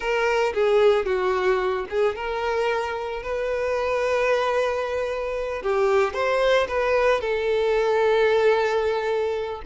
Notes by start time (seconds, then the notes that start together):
0.00 A#4
0.54 G#4
1.05 F#4
1.89 G#4
2.15 A#4
3.22 B4
5.62 G4
6.13 C5
6.67 B4
7.20 A4